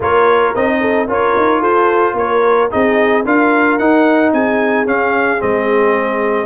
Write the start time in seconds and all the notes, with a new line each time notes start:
0.00 A#3 F4 A#4 C#5
0.55 C4 D#4 D#5
0.80 A4
1.07 C#4 F4 A#4 C#5
1.36 D#4
1.60 F4 A4 C5
2.13 A#3 A#4 C#5
2.70 C4 D#4 G#4 D#5
3.24 D4 F4 A#4 F5
3.78 D#4 F#5
4.32 C4 G#4 G#5
4.86 C#4 F5
5.38 G#3 C4 D#5